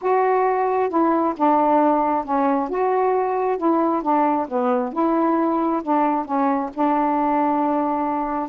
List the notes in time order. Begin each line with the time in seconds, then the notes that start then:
0.01 F#4
0.89 E4
1.37 D4
2.24 C#4
2.69 F#4
3.57 E4
4.02 D4
4.48 B3
4.92 E4
5.82 D4
6.25 C#4
6.73 D4